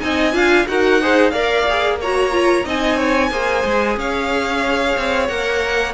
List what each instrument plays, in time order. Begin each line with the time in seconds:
0.00 cello C4, viola D#4, violin D#5 G#5
0.33 cello D4, viola F4, violin F5
0.68 cello D#4, viola F#4, violin A#4 F#5
1.01 viola G#4, violin C5
1.30 cello A#3, viola A#4, violin D5 F5
1.68 viola G#4
2.00 viola F#4, violin C#5 A#5
2.31 viola F4
2.65 cello C4, viola D#4, violin D#5 G#5
2.96 violin C#5
3.31 cello A#3, viola G#4, violin C5
3.65 cello G#3
3.97 cello C#4, violin C#5 F5
4.97 cello C4
5.27 cello A#3, viola A#4, violin F#5